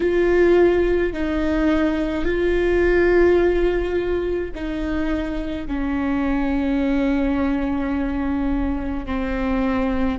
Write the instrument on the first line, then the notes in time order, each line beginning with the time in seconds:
viola
0.00 F4
1.13 D#4
2.24 F4
4.54 D#4
5.67 C#4
9.06 C4